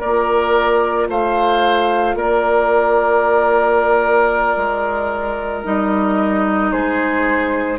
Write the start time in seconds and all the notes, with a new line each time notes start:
0.00 A#3 F4 A#4 D5
1.08 A3 C5 F5
2.15 A#3 A#4 D5
4.57 G#3
5.64 G3 D#4 D#5
6.72 G#3 G#4 C5